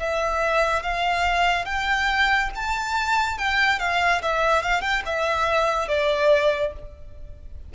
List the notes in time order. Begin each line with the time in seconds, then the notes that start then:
0.00 E5
0.83 F5
1.66 G5
2.55 A5
3.38 G5
3.80 F5
4.22 E5
4.62 F5
4.82 G5
5.06 E5
5.88 D5